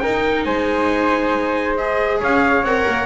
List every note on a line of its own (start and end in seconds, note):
0.00 1.78 D#4
0.00 0.46 D#4
0.00 0.46 A#4
0.00 0.44 G5
0.45 2.21 G#3
0.45 2.20 C5
0.45 1.76 G#5
1.77 2.66 G#4
1.77 2.21 D#5
2.20 2.63 C#4
2.20 3.06 C#5
2.20 2.65 F5
2.63 2.85 C4
2.63 3.06 A#4
2.63 3.06 F#5
2.88 3.06 A#3